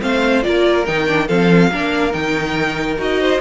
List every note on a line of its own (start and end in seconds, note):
0.00 0.45 A3
0.00 0.43 C4
0.00 0.46 C5
0.00 0.43 F5
0.43 0.88 A#3
0.43 0.85 F4
0.43 1.27 A#4
0.43 0.85 D5
0.86 1.30 D#3
0.86 1.07 D#4
0.86 1.28 G5
1.07 1.28 D4
1.27 1.71 F3
1.27 1.72 C4
1.27 1.70 A4
1.27 2.13 F5
1.71 2.14 A#3
1.71 2.12 D4
1.71 3.21 A#4
2.12 2.97 D#3
2.12 2.97 D#4
2.12 2.98 G5
2.97 3.40 D#4
2.97 3.40 F#4
2.97 3.41 D#5
3.21 3.41 C5